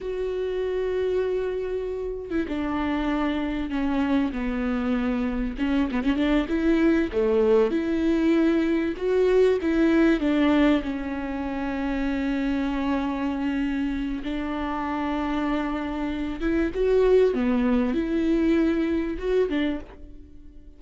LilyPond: \new Staff \with { instrumentName = "viola" } { \time 4/4 \tempo 4 = 97 fis'2.~ fis'8. e'16 | d'2 cis'4 b4~ | b4 cis'8 b16 cis'16 d'8 e'4 a8~ | a8 e'2 fis'4 e'8~ |
e'8 d'4 cis'2~ cis'8~ | cis'2. d'4~ | d'2~ d'8 e'8 fis'4 | b4 e'2 fis'8 d'8 | }